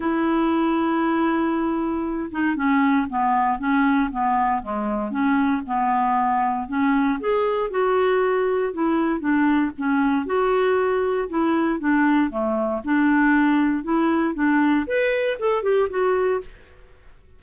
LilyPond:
\new Staff \with { instrumentName = "clarinet" } { \time 4/4 \tempo 4 = 117 e'1~ | e'8 dis'8 cis'4 b4 cis'4 | b4 gis4 cis'4 b4~ | b4 cis'4 gis'4 fis'4~ |
fis'4 e'4 d'4 cis'4 | fis'2 e'4 d'4 | a4 d'2 e'4 | d'4 b'4 a'8 g'8 fis'4 | }